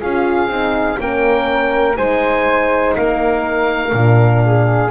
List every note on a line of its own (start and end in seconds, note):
0.00 0.48 C#4
0.00 0.50 F4
0.00 0.98 G#4
0.00 1.00 F5
0.48 0.97 C4
0.48 0.97 D#4
0.97 1.98 A#3
0.97 1.95 C#4
0.97 1.98 A#4
0.97 1.97 G5
1.95 2.97 G#3
1.95 3.92 D#4
1.95 2.96 C5
1.95 2.95 G#5
2.96 3.93 A#3
2.96 4.44 A#4
2.96 4.91 F5
3.93 4.91 A#2
3.93 4.91 D4
4.45 4.91 G#4